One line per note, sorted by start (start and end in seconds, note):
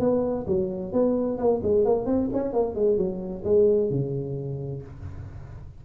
0.00 0.46 B3
0.47 0.93 F#3
0.93 1.38 B3
1.38 1.61 A#3
1.63 1.85 G#3
1.85 2.06 A#3
2.06 2.29 C4
2.33 2.53 C#4
2.53 2.75 A#3
2.75 2.98 G#3
2.98 3.44 F#3
3.44 3.90 G#3
3.90 4.83 C#3